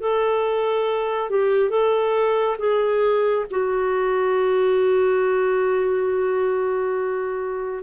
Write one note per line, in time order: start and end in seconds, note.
0.00 1.30 A4
1.30 1.70 G4
1.70 2.57 A4
2.58 3.45 G#4
3.50 7.83 F#4